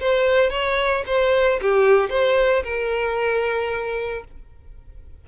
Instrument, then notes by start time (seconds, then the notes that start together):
violin
0.00 C5
0.50 C#5
1.06 C5
1.61 G4
2.09 C5
2.63 A#4